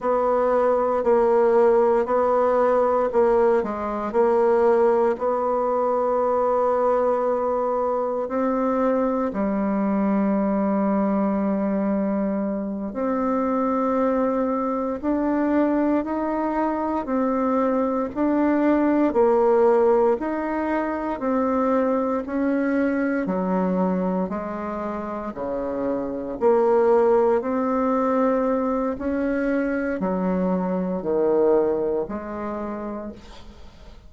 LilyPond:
\new Staff \with { instrumentName = "bassoon" } { \time 4/4 \tempo 4 = 58 b4 ais4 b4 ais8 gis8 | ais4 b2. | c'4 g2.~ | g8 c'2 d'4 dis'8~ |
dis'8 c'4 d'4 ais4 dis'8~ | dis'8 c'4 cis'4 fis4 gis8~ | gis8 cis4 ais4 c'4. | cis'4 fis4 dis4 gis4 | }